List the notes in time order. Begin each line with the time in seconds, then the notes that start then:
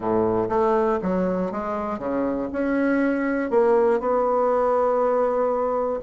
0.00 A2
0.49 A3
1.02 F#3
1.51 G#3
1.98 C#3
2.52 C#4
3.50 A#3
4.00 B3